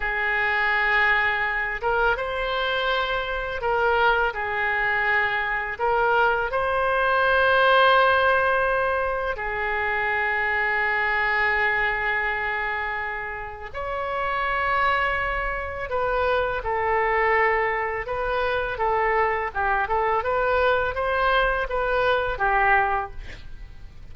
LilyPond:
\new Staff \with { instrumentName = "oboe" } { \time 4/4 \tempo 4 = 83 gis'2~ gis'8 ais'8 c''4~ | c''4 ais'4 gis'2 | ais'4 c''2.~ | c''4 gis'2.~ |
gis'2. cis''4~ | cis''2 b'4 a'4~ | a'4 b'4 a'4 g'8 a'8 | b'4 c''4 b'4 g'4 | }